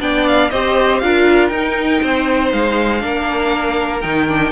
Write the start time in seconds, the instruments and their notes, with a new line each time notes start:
0.00 cello B3, viola D4, violin D5 G5
0.27 violin F5
0.50 cello C4, viola G4, violin C5 D#5
0.99 cello D4, viola F4, violin A#4 F5
1.49 cello D#4, viola D#4, violin G5
2.02 cello C4, violin C5
2.53 cello G#3, violin F5
3.00 cello A#3, viola D4, violin A#4
4.01 cello D#3, viola D#4, violin G5
4.28 viola D4